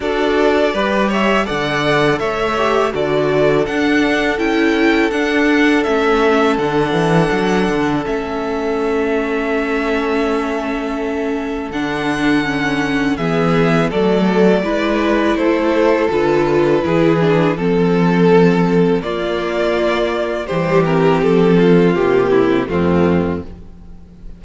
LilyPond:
<<
  \new Staff \with { instrumentName = "violin" } { \time 4/4 \tempo 4 = 82 d''4. e''8 fis''4 e''4 | d''4 fis''4 g''4 fis''4 | e''4 fis''2 e''4~ | e''1 |
fis''2 e''4 d''4~ | d''4 c''4 b'2 | a'2 d''2 | c''8 ais'8 a'4 g'4 f'4 | }
  \new Staff \with { instrumentName = "violin" } { \time 4/4 a'4 b'8 cis''8 d''4 cis''4 | a'1~ | a'1~ | a'1~ |
a'2 gis'4 a'4 | b'4 a'2 gis'4 | a'2 f'2 | g'4. f'4 e'8 c'4 | }
  \new Staff \with { instrumentName = "viola" } { \time 4/4 fis'4 g'4 a'4. g'8 | fis'4 d'4 e'4 d'4 | cis'4 d'2 cis'4~ | cis'1 |
d'4 cis'4 b4 a4 | e'2 f'4 e'8 d'8 | c'2 ais2 | g8 c'4. ais4 a4 | }
  \new Staff \with { instrumentName = "cello" } { \time 4/4 d'4 g4 d4 a4 | d4 d'4 cis'4 d'4 | a4 d8 e8 fis8 d8 a4~ | a1 |
d2 e4 fis4 | gis4 a4 d4 e4 | f2 ais2 | e4 f4 c4 f,4 | }
>>